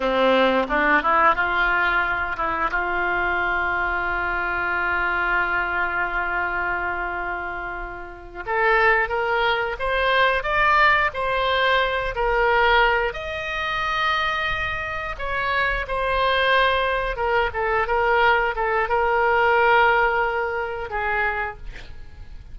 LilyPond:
\new Staff \with { instrumentName = "oboe" } { \time 4/4 \tempo 4 = 89 c'4 d'8 e'8 f'4. e'8 | f'1~ | f'1~ | f'8 a'4 ais'4 c''4 d''8~ |
d''8 c''4. ais'4. dis''8~ | dis''2~ dis''8 cis''4 c''8~ | c''4. ais'8 a'8 ais'4 a'8 | ais'2. gis'4 | }